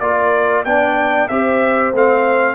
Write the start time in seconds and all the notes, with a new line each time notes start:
0.00 A#3 F4 A#4 D5
0.65 B3 D4 D5 G5
1.28 C4 G4 C5 E5
1.93 A3 C4 F5